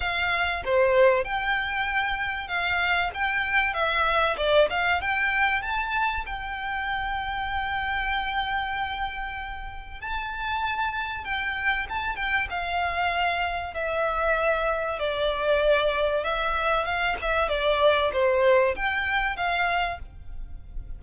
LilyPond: \new Staff \with { instrumentName = "violin" } { \time 4/4 \tempo 4 = 96 f''4 c''4 g''2 | f''4 g''4 e''4 d''8 f''8 | g''4 a''4 g''2~ | g''1 |
a''2 g''4 a''8 g''8 | f''2 e''2 | d''2 e''4 f''8 e''8 | d''4 c''4 g''4 f''4 | }